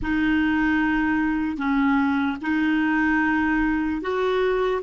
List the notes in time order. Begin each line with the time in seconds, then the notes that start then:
0.01 D#4
1.57 C#4
2.41 D#4
4.01 F#4